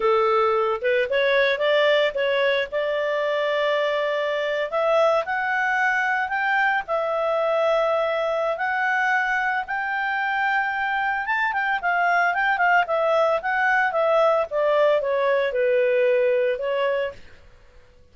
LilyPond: \new Staff \with { instrumentName = "clarinet" } { \time 4/4 \tempo 4 = 112 a'4. b'8 cis''4 d''4 | cis''4 d''2.~ | d''8. e''4 fis''2 g''16~ | g''8. e''2.~ e''16 |
fis''2 g''2~ | g''4 a''8 g''8 f''4 g''8 f''8 | e''4 fis''4 e''4 d''4 | cis''4 b'2 cis''4 | }